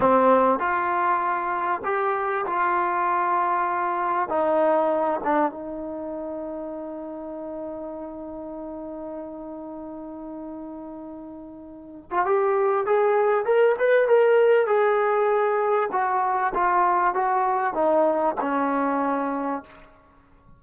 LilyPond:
\new Staff \with { instrumentName = "trombone" } { \time 4/4 \tempo 4 = 98 c'4 f'2 g'4 | f'2. dis'4~ | dis'8 d'8 dis'2.~ | dis'1~ |
dis'2.~ dis'8. f'16 | g'4 gis'4 ais'8 b'8 ais'4 | gis'2 fis'4 f'4 | fis'4 dis'4 cis'2 | }